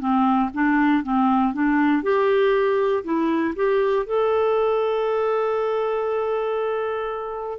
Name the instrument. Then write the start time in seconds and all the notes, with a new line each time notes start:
clarinet
0.00 C4
0.54 D4
1.04 C4
1.54 D4
2.03 G4
3.04 E4
3.56 G4
4.06 A4